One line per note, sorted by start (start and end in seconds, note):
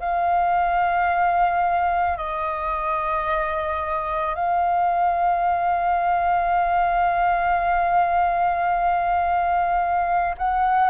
0.00 2.17 F5
2.17 4.35 D#5
4.35 10.35 F5
10.37 10.89 F#5